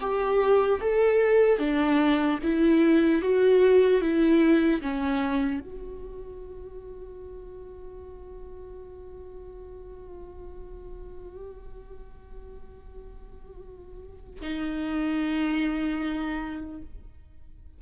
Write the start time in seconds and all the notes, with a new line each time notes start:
0.00 G4
0.80 A4
1.59 D4
2.43 E4
3.22 F#4
4.01 E4
4.81 C#4
5.60 F#4
14.41 D#4